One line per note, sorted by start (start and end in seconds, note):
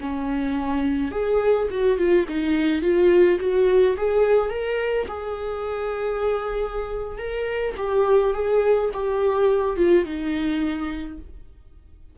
0.00 1.11 C#4
1.11 1.68 G#4
1.70 1.97 F#4
1.97 2.26 F4
2.28 2.81 D#4
2.81 3.38 F4
3.39 3.96 F#4
3.97 4.49 G#4
4.49 5.06 A#4
5.08 7.18 G#4
7.18 7.74 A#4
7.77 8.33 G4
8.33 8.90 G#4
8.93 9.76 G4
9.76 10.04 F4
10.04 11.18 D#4